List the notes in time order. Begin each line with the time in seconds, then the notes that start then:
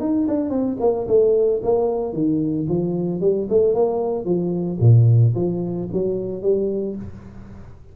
0.00 D#4
0.28 D4
0.50 C4
0.80 A#3
1.07 A3
1.63 A#3
2.13 D#3
2.68 F3
3.20 G3
3.49 A3
3.74 A#3
4.25 F3
4.80 A#2
5.35 F3
5.92 F#3
6.42 G3